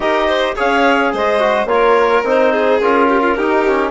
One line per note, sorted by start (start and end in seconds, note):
0.00 0.53 D#4
0.00 0.56 G4
0.00 0.26 A#4
0.00 0.56 D#5
0.26 0.54 C5
0.55 1.13 C#4
0.55 1.39 G#4
0.55 1.11 C#5
0.55 1.14 F5
1.12 1.65 G#3
1.12 1.68 C5
1.12 1.67 D#5
1.39 1.67 F#4
1.65 2.21 A#3
1.65 2.24 F4
1.65 2.23 C#5
1.73 2.51 A#4
2.23 2.80 C4
2.23 2.81 D#4
2.23 2.80 C5
2.51 3.07 G#4
2.80 3.37 C#4
2.80 3.38 F4
2.80 3.91 A#4
3.08 3.20 G4
3.20 3.34 F4
3.36 3.91 D#4
3.36 3.66 D#4
3.36 3.91 G4
3.67 3.91 C#4